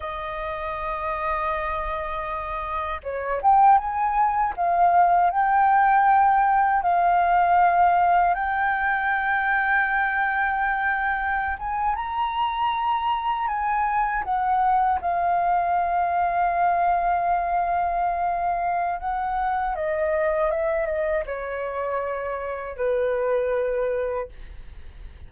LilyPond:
\new Staff \with { instrumentName = "flute" } { \time 4/4 \tempo 4 = 79 dis''1 | cis''8 g''8 gis''4 f''4 g''4~ | g''4 f''2 g''4~ | g''2.~ g''16 gis''8 ais''16~ |
ais''4.~ ais''16 gis''4 fis''4 f''16~ | f''1~ | f''4 fis''4 dis''4 e''8 dis''8 | cis''2 b'2 | }